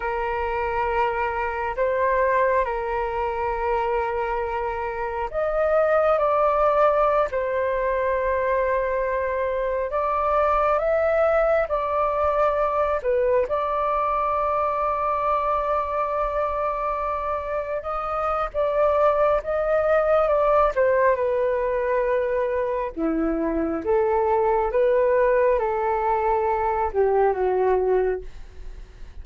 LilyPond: \new Staff \with { instrumentName = "flute" } { \time 4/4 \tempo 4 = 68 ais'2 c''4 ais'4~ | ais'2 dis''4 d''4~ | d''16 c''2. d''8.~ | d''16 e''4 d''4. b'8 d''8.~ |
d''1~ | d''16 dis''8. d''4 dis''4 d''8 c''8 | b'2 e'4 a'4 | b'4 a'4. g'8 fis'4 | }